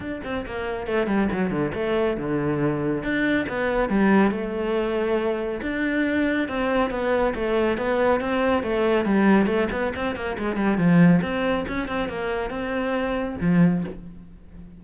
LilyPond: \new Staff \with { instrumentName = "cello" } { \time 4/4 \tempo 4 = 139 d'8 c'8 ais4 a8 g8 fis8 d8 | a4 d2 d'4 | b4 g4 a2~ | a4 d'2 c'4 |
b4 a4 b4 c'4 | a4 g4 a8 b8 c'8 ais8 | gis8 g8 f4 c'4 cis'8 c'8 | ais4 c'2 f4 | }